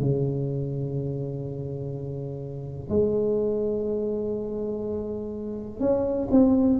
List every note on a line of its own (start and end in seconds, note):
0.00 2.89 C#3
2.89 5.80 G#3
5.80 6.28 C#4
6.31 6.80 C4